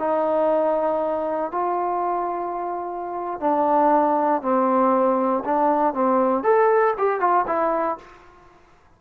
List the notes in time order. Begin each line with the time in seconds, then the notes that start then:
0.00 D#4
1.52 F4
3.41 D4
4.42 C4
5.45 D4
5.94 C4
6.44 A4
6.98 G4
7.20 F4
7.48 E4